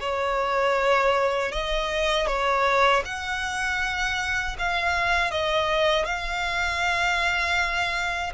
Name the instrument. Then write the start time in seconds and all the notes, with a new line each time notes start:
violin
0.00 C#5
1.51 D#5
2.27 C#5
3.04 F#5
4.58 F5
5.31 D#5
6.04 F5